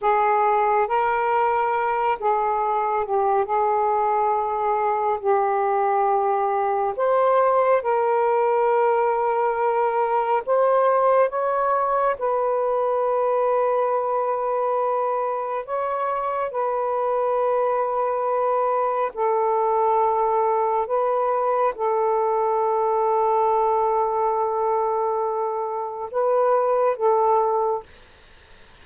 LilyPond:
\new Staff \with { instrumentName = "saxophone" } { \time 4/4 \tempo 4 = 69 gis'4 ais'4. gis'4 g'8 | gis'2 g'2 | c''4 ais'2. | c''4 cis''4 b'2~ |
b'2 cis''4 b'4~ | b'2 a'2 | b'4 a'2.~ | a'2 b'4 a'4 | }